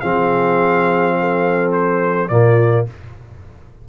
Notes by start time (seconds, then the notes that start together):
0.00 F3 C4 G#4 F5
1.20 A4
1.72 C5
2.28 A#2 A#3 F4 D5